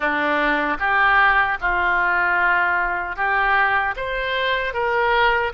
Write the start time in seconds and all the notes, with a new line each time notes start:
0.00 D4
0.79 G4
1.60 F4
3.15 G4
3.96 C5
4.73 A#4